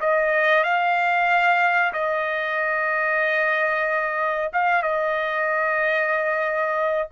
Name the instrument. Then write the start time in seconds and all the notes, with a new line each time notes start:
trumpet
0.00 D#5
0.63 F5
1.93 D#5
4.52 F5
4.82 D#5